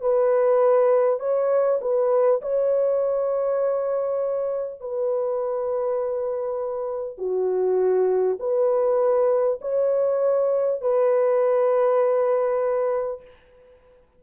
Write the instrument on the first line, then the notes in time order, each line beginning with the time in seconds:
horn
0.00 B4
1.19 C#5
1.81 B4
2.41 C#5
4.80 B4
7.17 F#4
8.39 B4
9.61 C#5
10.81 B4